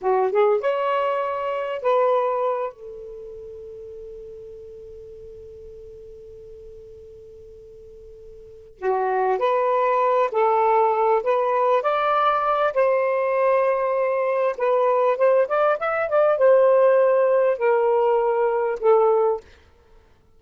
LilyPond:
\new Staff \with { instrumentName = "saxophone" } { \time 4/4 \tempo 4 = 99 fis'8 gis'8 cis''2 b'4~ | b'8 a'2.~ a'8~ | a'1~ | a'2~ a'8 fis'4 b'8~ |
b'4 a'4. b'4 d''8~ | d''4 c''2. | b'4 c''8 d''8 e''8 d''8 c''4~ | c''4 ais'2 a'4 | }